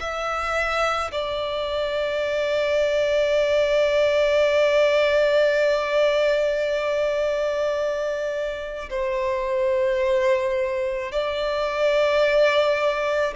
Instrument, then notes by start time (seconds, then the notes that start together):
violin
0.00 E5
1.12 D5
8.90 C5
11.12 D5